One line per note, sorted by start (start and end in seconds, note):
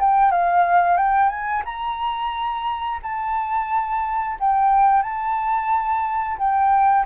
0.00 0.32 G5
0.32 0.97 F5
0.97 1.29 G5
1.29 1.63 G#5
1.65 3.00 A#5
3.03 4.38 A5
4.40 5.03 G5
5.03 6.38 A5
6.39 7.06 G5